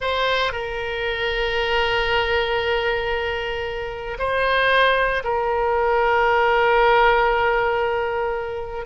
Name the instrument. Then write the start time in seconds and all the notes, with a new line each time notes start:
oboe
0.00 C5
0.52 A#4
4.19 C5
5.23 A#4